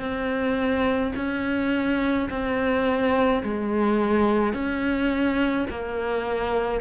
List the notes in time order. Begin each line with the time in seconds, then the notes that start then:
0.00 C4
1.16 C#4
2.31 C4
3.44 G#3
4.54 C#4
5.70 A#3